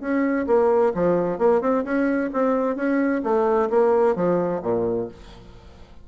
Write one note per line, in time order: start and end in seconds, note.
0.00 0.46 C#4
0.47 0.92 A#3
0.94 1.38 F3
1.38 1.61 A#3
1.61 1.84 C4
1.84 2.30 C#4
2.33 2.76 C4
2.76 3.22 C#4
3.23 3.69 A3
3.70 4.15 A#3
4.15 4.61 F3
4.62 5.08 A#2